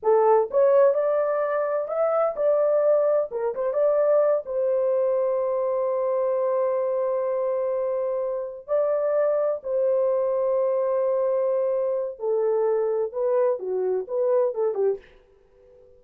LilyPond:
\new Staff \with { instrumentName = "horn" } { \time 4/4 \tempo 4 = 128 a'4 cis''4 d''2 | e''4 d''2 ais'8 c''8 | d''4. c''2~ c''8~ | c''1~ |
c''2~ c''8 d''4.~ | d''8 c''2.~ c''8~ | c''2 a'2 | b'4 fis'4 b'4 a'8 g'8 | }